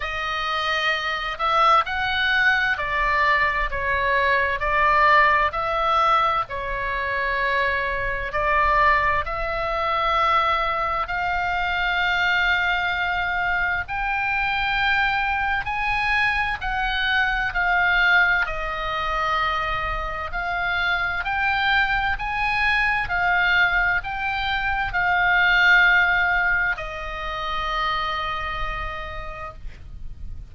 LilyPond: \new Staff \with { instrumentName = "oboe" } { \time 4/4 \tempo 4 = 65 dis''4. e''8 fis''4 d''4 | cis''4 d''4 e''4 cis''4~ | cis''4 d''4 e''2 | f''2. g''4~ |
g''4 gis''4 fis''4 f''4 | dis''2 f''4 g''4 | gis''4 f''4 g''4 f''4~ | f''4 dis''2. | }